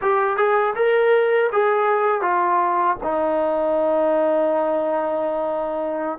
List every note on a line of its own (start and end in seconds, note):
0.01 0.36 G4
0.36 0.74 G#4
0.75 1.50 A#4
1.52 2.21 G#4
2.21 2.96 F4
3.03 6.18 D#4